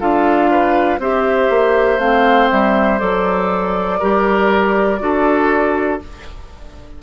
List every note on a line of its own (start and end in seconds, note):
0.00 0.99 D4
0.00 1.00 F4
0.00 0.50 A4
0.00 1.00 F5
0.51 1.00 B4
0.99 1.49 C4
0.99 1.99 G4
0.99 3.99 C5
0.99 1.99 E5
1.50 1.99 A#3
1.99 2.49 A3
1.99 2.99 C4
1.99 2.49 F5
2.51 3.01 G3
2.51 2.99 E5
2.99 4.01 F#3
2.99 3.99 A4
2.99 5.99 D5
3.99 5.01 G3
3.99 4.99 G4
3.99 4.99 A#4
4.99 6.01 D4
4.99 5.99 F#4
4.99 6.02 A4